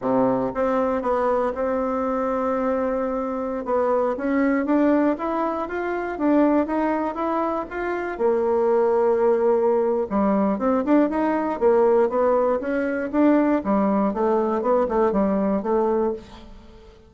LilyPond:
\new Staff \with { instrumentName = "bassoon" } { \time 4/4 \tempo 4 = 119 c4 c'4 b4 c'4~ | c'2.~ c'16 b8.~ | b16 cis'4 d'4 e'4 f'8.~ | f'16 d'4 dis'4 e'4 f'8.~ |
f'16 ais2.~ ais8. | g4 c'8 d'8 dis'4 ais4 | b4 cis'4 d'4 g4 | a4 b8 a8 g4 a4 | }